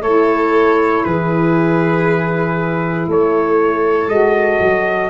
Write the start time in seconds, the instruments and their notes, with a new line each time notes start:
0.00 tuba A3, saxophone E4, violin A4, trumpet C#5
1.04 tuba E3, violin G#4, trumpet B4
3.07 tuba A3, violin A4, trumpet C#5
4.07 tuba G#3, saxophone F#4, trumpet D#5
4.60 tuba F#3